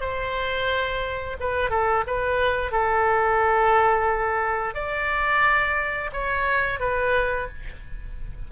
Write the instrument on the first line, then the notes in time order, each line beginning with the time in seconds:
oboe
0.00 C5
1.40 B4
1.70 A4
2.06 B4
2.71 A4
4.74 D5
6.12 C#5
6.80 B4